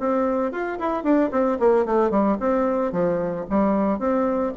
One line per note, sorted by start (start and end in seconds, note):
0.00 0.52 C4
0.52 0.79 F4
0.79 1.04 E4
1.04 1.31 D4
1.32 1.59 C4
1.59 1.86 A#3
1.86 2.11 A3
2.11 2.37 G3
2.40 2.92 C4
2.92 3.46 F3
3.50 3.99 G3
3.99 4.53 C4